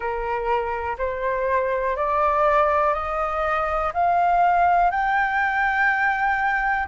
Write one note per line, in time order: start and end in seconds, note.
0.00 0.97 A#4
0.98 1.96 C5
1.96 2.93 D5
2.93 3.92 D#5
3.93 4.90 F5
4.90 6.87 G5